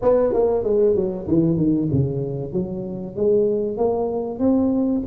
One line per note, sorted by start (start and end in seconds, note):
0.01 0.33 B3
0.33 0.63 A#3
0.63 0.95 G#3
0.95 1.26 F#3
1.27 1.57 E3
1.57 1.88 D#3
1.91 2.53 C#3
2.53 3.16 F#3
3.16 3.77 G#3
3.77 4.39 A#3
4.39 5.02 C4